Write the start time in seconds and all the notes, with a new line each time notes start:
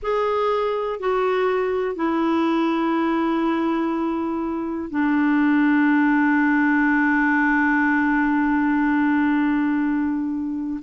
0.02 G#4
0.99 F#4
1.95 E4
4.90 D4